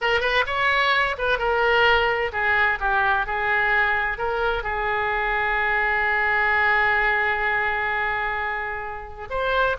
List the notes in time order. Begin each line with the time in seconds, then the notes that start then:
0.01 A#4
0.20 B4
0.46 C#5
1.17 B4
1.38 A#4
2.32 G#4
2.80 G4
3.26 G#4
4.18 A#4
4.63 G#4
9.29 C5